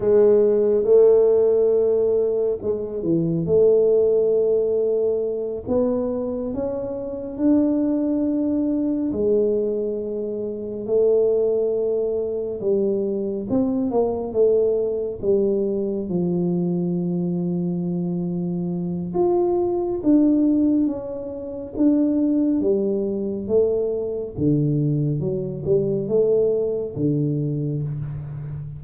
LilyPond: \new Staff \with { instrumentName = "tuba" } { \time 4/4 \tempo 4 = 69 gis4 a2 gis8 e8 | a2~ a8 b4 cis'8~ | cis'8 d'2 gis4.~ | gis8 a2 g4 c'8 |
ais8 a4 g4 f4.~ | f2 f'4 d'4 | cis'4 d'4 g4 a4 | d4 fis8 g8 a4 d4 | }